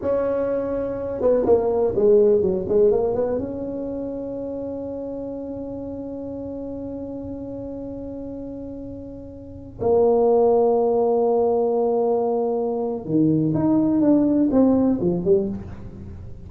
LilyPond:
\new Staff \with { instrumentName = "tuba" } { \time 4/4 \tempo 4 = 124 cis'2~ cis'8 b8 ais4 | gis4 fis8 gis8 ais8 b8 cis'4~ | cis'1~ | cis'1~ |
cis'1~ | cis'16 ais2.~ ais8.~ | ais2. dis4 | dis'4 d'4 c'4 f8 g8 | }